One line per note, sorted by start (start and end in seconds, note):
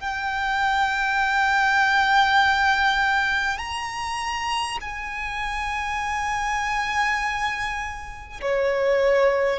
0.00 3.58 G5
3.58 4.78 A#5
4.81 8.41 G#5
8.42 9.59 C#5